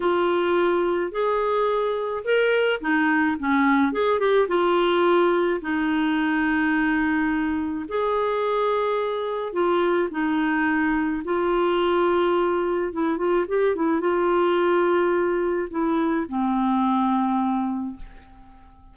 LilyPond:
\new Staff \with { instrumentName = "clarinet" } { \time 4/4 \tempo 4 = 107 f'2 gis'2 | ais'4 dis'4 cis'4 gis'8 g'8 | f'2 dis'2~ | dis'2 gis'2~ |
gis'4 f'4 dis'2 | f'2. e'8 f'8 | g'8 e'8 f'2. | e'4 c'2. | }